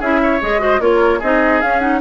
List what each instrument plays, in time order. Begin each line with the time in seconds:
0.00 bassoon C#4, clarinet E4, oboe G#4, flute E5
0.23 oboe C#5
0.41 bassoon G#3, clarinet G#4, flute D#5
0.59 clarinet F#4, oboe C5
0.80 bassoon A#3, clarinet F4, oboe A#4, flute C#5
1.19 bassoon C4, clarinet D#4, oboe G#4, flute D#5
1.62 bassoon C#4, clarinet C#4, flute F5
1.80 clarinet D#4, flute F#5